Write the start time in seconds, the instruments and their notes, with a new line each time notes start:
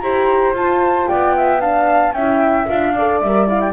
0.00 double bass E4, horn G4, flute C5 A#5
0.53 double bass F4, horn F4, flute A5
1.08 double bass B3, flute D5 G5
1.36 flute E5
1.60 horn D4, flute F5 A5
2.13 double bass C#4, horn E4, flute E5 G5
2.67 double bass D4, horn F4, flute F5
2.95 horn A4, flute D5
3.21 double bass G3, horn A#4, flute E5
3.47 horn E4, flute F5
3.60 flute G5